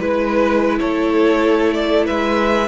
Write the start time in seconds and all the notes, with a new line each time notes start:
0.00 G#3 E4 B4
0.79 A3 A4 C#5
1.74 D5
2.06 G#3 B4 E5